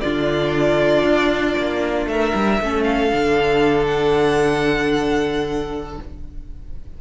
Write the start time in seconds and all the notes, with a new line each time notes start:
0.00 D3 D4 F4 D5
1.04 D4
1.58 A#3
2.06 A3 A#4 E5
2.34 G3
2.60 A3 C#4 A4
2.83 F5
3.11 D3 D4
3.86 F#5